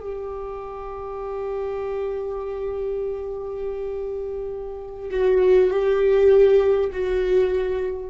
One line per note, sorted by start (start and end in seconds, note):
0.00 5.10 G4
5.11 5.71 F#4
5.71 6.91 G4
6.92 8.09 F#4